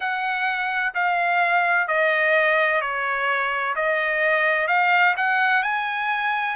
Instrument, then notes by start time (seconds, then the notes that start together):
trumpet
0.00 F#5
0.94 F5
1.87 D#5
2.81 C#5
3.75 D#5
4.67 F5
5.16 F#5
5.62 G#5